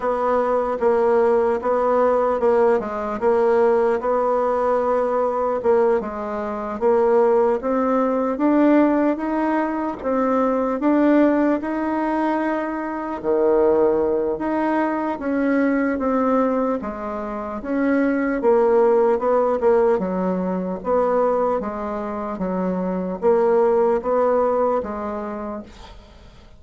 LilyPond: \new Staff \with { instrumentName = "bassoon" } { \time 4/4 \tempo 4 = 75 b4 ais4 b4 ais8 gis8 | ais4 b2 ais8 gis8~ | gis8 ais4 c'4 d'4 dis'8~ | dis'8 c'4 d'4 dis'4.~ |
dis'8 dis4. dis'4 cis'4 | c'4 gis4 cis'4 ais4 | b8 ais8 fis4 b4 gis4 | fis4 ais4 b4 gis4 | }